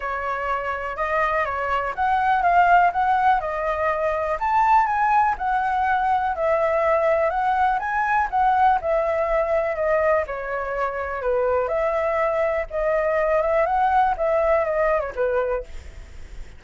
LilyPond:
\new Staff \with { instrumentName = "flute" } { \time 4/4 \tempo 4 = 123 cis''2 dis''4 cis''4 | fis''4 f''4 fis''4 dis''4~ | dis''4 a''4 gis''4 fis''4~ | fis''4 e''2 fis''4 |
gis''4 fis''4 e''2 | dis''4 cis''2 b'4 | e''2 dis''4. e''8 | fis''4 e''4 dis''8. cis''16 b'4 | }